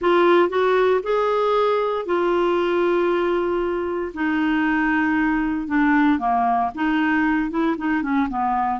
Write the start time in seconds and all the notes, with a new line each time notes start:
0.01 F4
0.49 F#4
1.03 G#4
2.05 F4
4.14 D#4
5.67 D4
6.19 A#3
6.74 D#4
7.50 E4
7.77 D#4
8.02 C#4
8.29 B3